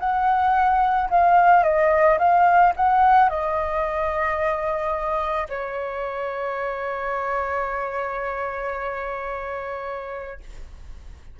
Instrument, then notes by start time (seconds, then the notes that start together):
flute
0.00 F#5
1.10 F5
1.64 D#5
2.19 F5
2.76 F#5
3.30 D#5
5.49 C#5